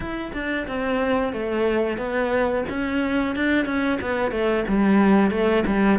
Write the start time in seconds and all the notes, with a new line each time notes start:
0.00 E4
0.33 D4
0.67 C4
1.32 A3
1.97 B3
2.68 C#4
3.35 D4
3.65 C#4
4.01 B3
4.31 A3
4.68 G3
5.30 A3
5.66 G3